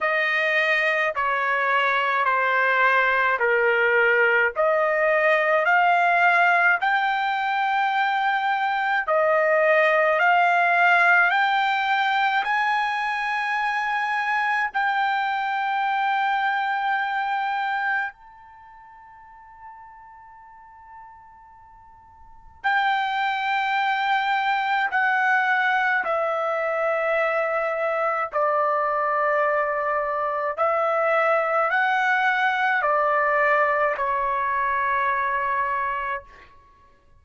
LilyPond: \new Staff \with { instrumentName = "trumpet" } { \time 4/4 \tempo 4 = 53 dis''4 cis''4 c''4 ais'4 | dis''4 f''4 g''2 | dis''4 f''4 g''4 gis''4~ | gis''4 g''2. |
a''1 | g''2 fis''4 e''4~ | e''4 d''2 e''4 | fis''4 d''4 cis''2 | }